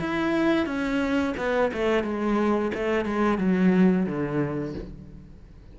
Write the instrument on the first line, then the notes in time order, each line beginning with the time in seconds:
cello
0.00 E4
0.66 C#4
1.37 B3
1.73 A3
2.03 G#3
2.74 A3
3.05 G#3
3.38 F#3
4.06 D3